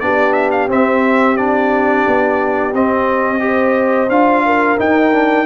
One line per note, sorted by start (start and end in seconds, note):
0.00 0.68 B3
0.00 0.69 D4
0.00 3.45 G4
0.00 0.33 D5
0.33 0.50 E5
0.51 0.68 F5
0.68 2.04 C4
0.68 1.37 C4
0.68 1.37 E5
1.37 2.73 D4
1.37 2.73 D5
2.07 2.73 B3
2.73 4.09 C4
2.73 3.40 C4
2.73 4.10 D#5
3.40 4.08 G4
3.40 4.46 C5
4.09 4.78 D4
4.09 4.78 F4
4.09 4.78 F5
4.46 5.46 A#4
4.78 5.12 D#4
4.78 5.46 D#4
4.78 5.46 G5
5.12 5.46 D4